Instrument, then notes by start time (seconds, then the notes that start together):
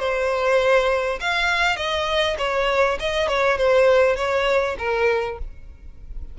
violin
0.00 C5
1.21 F5
1.77 D#5
2.39 C#5
3.00 D#5
3.29 C#5
3.58 C5
4.16 C#5
4.79 A#4